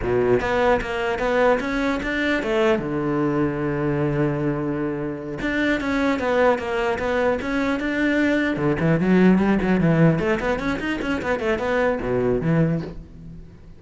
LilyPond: \new Staff \with { instrumentName = "cello" } { \time 4/4 \tempo 4 = 150 b,4 b4 ais4 b4 | cis'4 d'4 a4 d4~ | d1~ | d4. d'4 cis'4 b8~ |
b8 ais4 b4 cis'4 d'8~ | d'4. d8 e8 fis4 g8 | fis8 e4 a8 b8 cis'8 dis'8 cis'8 | b8 a8 b4 b,4 e4 | }